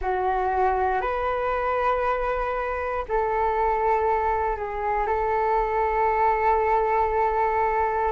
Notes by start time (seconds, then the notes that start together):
0.00 F#4
1.01 B4
3.08 A4
4.56 G#4
5.06 A4